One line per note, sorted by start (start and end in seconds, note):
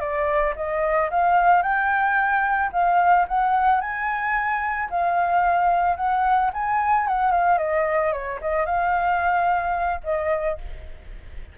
0.00 0.54 D5
0.56 1.10 D#5
1.11 1.62 F5
1.62 2.71 G5
2.72 3.27 F5
3.28 3.81 F#5
3.81 4.89 G#5
4.90 5.97 F5
5.97 6.51 F#5
6.54 7.07 G#5
7.07 7.31 F#5
7.31 7.58 F5
7.58 8.12 D#5
8.13 8.40 C#5
8.41 8.66 D#5
8.66 10.01 F5
10.04 10.58 D#5